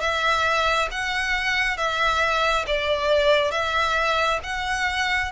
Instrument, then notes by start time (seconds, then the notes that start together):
violin
0.00 E5
0.91 F#5
1.77 E5
2.67 D5
3.51 E5
4.43 F#5